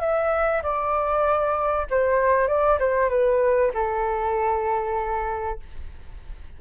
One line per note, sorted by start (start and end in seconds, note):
0.00 0.62 E5
0.63 1.86 D5
1.90 2.48 C5
2.48 2.79 D5
2.79 3.10 C5
3.10 3.71 B4
3.74 5.59 A4